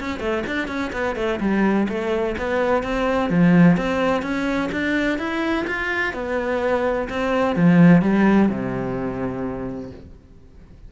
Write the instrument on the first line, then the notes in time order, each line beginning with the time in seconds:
cello
0.00 C#4
0.20 A3
0.47 D4
0.68 C#4
0.93 B3
1.16 A3
1.40 G3
1.89 A3
2.38 B3
2.83 C4
3.30 F3
3.77 C4
4.22 C#4
4.72 D4
5.19 E4
5.68 F4
6.14 B3
7.10 C4
7.56 F3
8.02 G3
8.49 C3